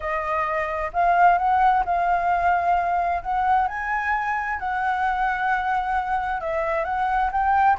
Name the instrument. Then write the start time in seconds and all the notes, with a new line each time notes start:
flute
0.00 D#5
0.93 F5
1.38 F#5
1.85 F5
3.22 F#5
3.67 G#5
4.59 F#5
6.40 E5
6.84 F#5
7.32 G5